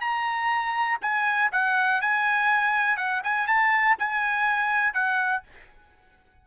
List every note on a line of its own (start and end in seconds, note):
0.00 0.98 A#5
1.01 1.51 G#5
1.52 2.01 F#5
2.01 2.97 G#5
2.97 3.21 F#5
3.23 3.47 G#5
3.47 3.96 A5
3.99 4.93 G#5
4.93 5.43 F#5